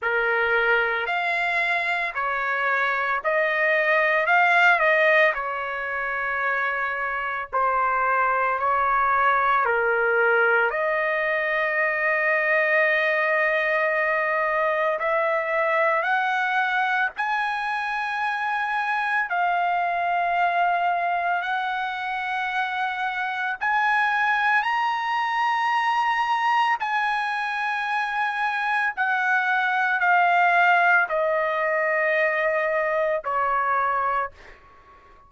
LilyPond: \new Staff \with { instrumentName = "trumpet" } { \time 4/4 \tempo 4 = 56 ais'4 f''4 cis''4 dis''4 | f''8 dis''8 cis''2 c''4 | cis''4 ais'4 dis''2~ | dis''2 e''4 fis''4 |
gis''2 f''2 | fis''2 gis''4 ais''4~ | ais''4 gis''2 fis''4 | f''4 dis''2 cis''4 | }